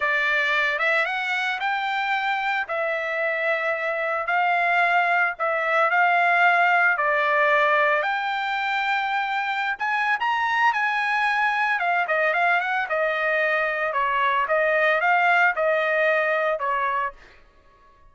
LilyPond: \new Staff \with { instrumentName = "trumpet" } { \time 4/4 \tempo 4 = 112 d''4. e''8 fis''4 g''4~ | g''4 e''2. | f''2 e''4 f''4~ | f''4 d''2 g''4~ |
g''2~ g''16 gis''8. ais''4 | gis''2 f''8 dis''8 f''8 fis''8 | dis''2 cis''4 dis''4 | f''4 dis''2 cis''4 | }